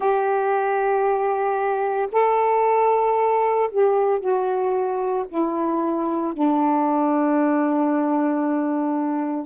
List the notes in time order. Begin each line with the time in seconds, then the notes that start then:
0.00 G4
2.11 A4
3.71 G4
4.20 F#4
5.28 E4
6.33 D4